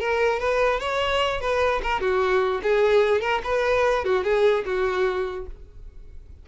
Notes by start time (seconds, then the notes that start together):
0.00 A#4
0.39 B4
0.80 C#5
1.41 B4
1.83 A#4
2.01 F#4
2.63 G#4
3.21 A#4
3.44 B4
4.05 F#4
4.24 G#4
4.65 F#4